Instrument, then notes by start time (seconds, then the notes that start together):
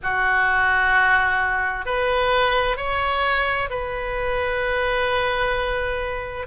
oboe
0.03 F#4
1.85 B4
2.77 C#5
3.70 B4